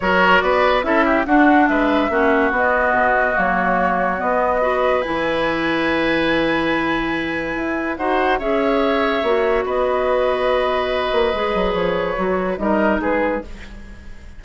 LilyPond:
<<
  \new Staff \with { instrumentName = "flute" } { \time 4/4 \tempo 4 = 143 cis''4 d''4 e''4 fis''4 | e''2 dis''2 | cis''2 dis''2 | gis''1~ |
gis''2. fis''4 | e''2. dis''4~ | dis''1 | cis''2 dis''4 b'4 | }
  \new Staff \with { instrumentName = "oboe" } { \time 4/4 ais'4 b'4 a'8 g'8 fis'4 | b'4 fis'2.~ | fis'2. b'4~ | b'1~ |
b'2. c''4 | cis''2. b'4~ | b'1~ | b'2 ais'4 gis'4 | }
  \new Staff \with { instrumentName = "clarinet" } { \time 4/4 fis'2 e'4 d'4~ | d'4 cis'4 b2 | ais2 b4 fis'4 | e'1~ |
e'2. fis'4 | gis'2 fis'2~ | fis'2. gis'4~ | gis'4 fis'4 dis'2 | }
  \new Staff \with { instrumentName = "bassoon" } { \time 4/4 fis4 b4 cis'4 d'4 | gis4 ais4 b4 b,4 | fis2 b2 | e1~ |
e2 e'4 dis'4 | cis'2 ais4 b4~ | b2~ b8 ais8 gis8 fis8 | f4 fis4 g4 gis4 | }
>>